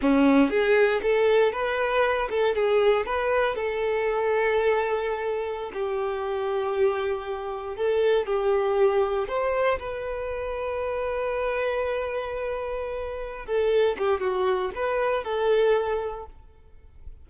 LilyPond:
\new Staff \with { instrumentName = "violin" } { \time 4/4 \tempo 4 = 118 cis'4 gis'4 a'4 b'4~ | b'8 a'8 gis'4 b'4 a'4~ | a'2.~ a'16 g'8.~ | g'2.~ g'16 a'8.~ |
a'16 g'2 c''4 b'8.~ | b'1~ | b'2~ b'8 a'4 g'8 | fis'4 b'4 a'2 | }